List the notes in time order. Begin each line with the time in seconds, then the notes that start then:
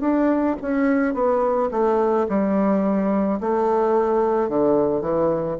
0.00 D4
0.61 C#4
1.14 B3
1.71 A3
2.28 G3
3.40 A3
4.48 D3
5.01 E3